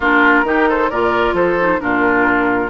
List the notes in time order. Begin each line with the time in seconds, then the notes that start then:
0.00 A#3 D4 F4 A#4
0.43 D#3 D#4 G4
0.68 A4 C5
0.89 A#2 F4 A#4 D5
1.33 F3 A4 C5
1.60 D#4
1.79 A#2 D4 F4 A#4